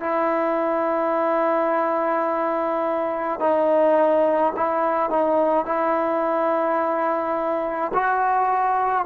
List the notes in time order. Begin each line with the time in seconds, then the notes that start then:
0.00 E4
3.40 D#4
4.56 E4
5.10 D#4
5.66 E4
7.93 F#4